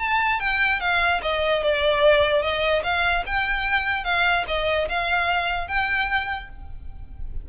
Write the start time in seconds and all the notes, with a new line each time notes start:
0.00 A5
0.40 G5
0.81 F5
1.23 D#5
1.63 D5
2.43 D#5
2.84 F5
3.27 G5
4.05 F5
4.48 D#5
4.89 F5
5.68 G5